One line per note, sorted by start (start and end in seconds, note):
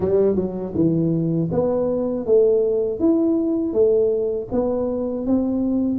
0.00 0.35 G3
0.35 0.73 F#3
0.74 1.49 E3
1.51 2.25 B3
2.25 2.99 A3
2.99 3.73 E4
3.73 4.48 A3
4.51 5.26 B3
5.26 5.99 C4